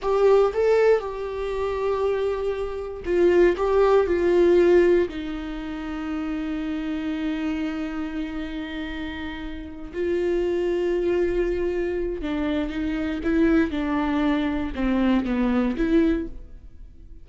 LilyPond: \new Staff \with { instrumentName = "viola" } { \time 4/4 \tempo 4 = 118 g'4 a'4 g'2~ | g'2 f'4 g'4 | f'2 dis'2~ | dis'1~ |
dis'2.~ dis'8 f'8~ | f'1 | d'4 dis'4 e'4 d'4~ | d'4 c'4 b4 e'4 | }